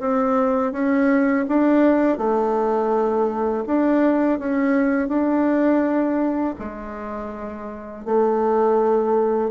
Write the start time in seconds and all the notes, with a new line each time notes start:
0.00 C4
0.73 C#4
1.48 D4
2.18 A3
3.67 D4
4.39 C#4
5.09 D4
6.60 G#3
8.05 A3